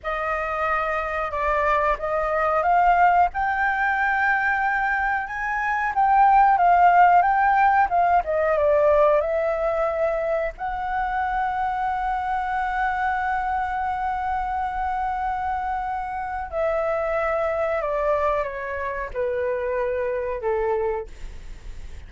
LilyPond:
\new Staff \with { instrumentName = "flute" } { \time 4/4 \tempo 4 = 91 dis''2 d''4 dis''4 | f''4 g''2. | gis''4 g''4 f''4 g''4 | f''8 dis''8 d''4 e''2 |
fis''1~ | fis''1~ | fis''4 e''2 d''4 | cis''4 b'2 a'4 | }